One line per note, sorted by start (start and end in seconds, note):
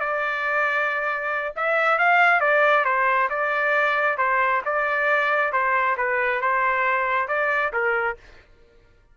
0.00 1.54 D5
1.56 1.98 E5
1.98 2.40 F5
2.40 2.85 D5
2.85 3.29 C5
3.29 4.18 D5
4.18 4.62 C5
4.65 5.52 D5
5.52 5.97 C5
5.97 6.41 B4
6.41 7.28 C5
7.28 7.72 D5
7.73 8.17 A#4